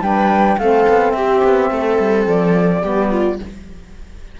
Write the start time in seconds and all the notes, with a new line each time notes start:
0.00 G3 D4 B4 G5
0.57 A3 C4 A4 F5
0.88 B3
1.11 C4 G4 E5
1.44 B3
1.70 A3 A4
1.98 G3
2.26 F3 D5
2.82 G3 B3 G4
3.11 F4